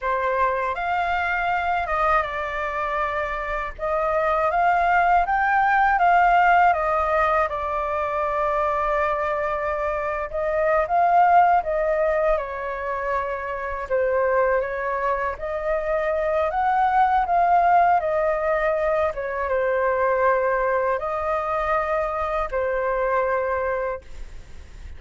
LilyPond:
\new Staff \with { instrumentName = "flute" } { \time 4/4 \tempo 4 = 80 c''4 f''4. dis''8 d''4~ | d''4 dis''4 f''4 g''4 | f''4 dis''4 d''2~ | d''4.~ d''16 dis''8. f''4 dis''8~ |
dis''8 cis''2 c''4 cis''8~ | cis''8 dis''4. fis''4 f''4 | dis''4. cis''8 c''2 | dis''2 c''2 | }